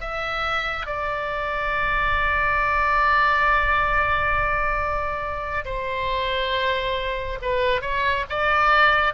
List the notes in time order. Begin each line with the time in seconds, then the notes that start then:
0.00 E5
0.86 D5
5.65 C5
7.41 B4
7.81 C#5
8.29 D5